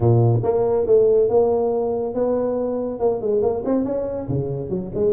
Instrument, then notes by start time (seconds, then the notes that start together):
tuba
0.00 A#2
0.43 A#3
0.86 A3
1.29 A#3
2.14 B3
2.99 A#3
3.21 G#3
3.41 A#3
3.65 C4
3.84 C#4
4.28 C#3
4.69 F#3
4.94 G#3